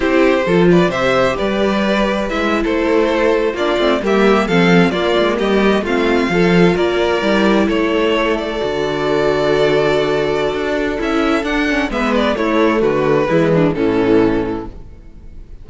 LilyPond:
<<
  \new Staff \with { instrumentName = "violin" } { \time 4/4 \tempo 4 = 131 c''4. d''8 e''4 d''4~ | d''4 e''8. c''2 d''16~ | d''8. e''4 f''4 d''4 dis''16~ | dis''8. f''2 d''4~ d''16~ |
d''8. cis''4. d''4.~ d''16~ | d''1 | e''4 fis''4 e''8 d''8 cis''4 | b'2 a'2 | }
  \new Staff \with { instrumentName = "violin" } { \time 4/4 g'4 a'8 b'8 c''4 b'4~ | b'4.~ b'16 a'2 f'16~ | f'8. g'4 a'4 f'4 g'16~ | g'8. f'4 a'4 ais'4~ ais'16~ |
ais'8. a'2.~ a'16~ | a'1~ | a'2 b'4 e'4 | fis'4 e'8 d'8 cis'2 | }
  \new Staff \with { instrumentName = "viola" } { \time 4/4 e'4 f'4 g'2~ | g'4 e'2~ e'8. d'16~ | d'16 c'8 ais4 c'4 ais4~ ais16~ | ais8. c'4 f'2 e'16~ |
e'2~ e'8. fis'4~ fis'16~ | fis'1 | e'4 d'8 cis'8 b4 a4~ | a4 gis4 e2 | }
  \new Staff \with { instrumentName = "cello" } { \time 4/4 c'4 f4 c4 g4~ | g4 gis8. a2 ais16~ | ais16 a8 g4 f4 ais8 gis8 g16~ | g8. a4 f4 ais4 g16~ |
g8. a2 d4~ d16~ | d2. d'4 | cis'4 d'4 gis4 a4 | d4 e4 a,2 | }
>>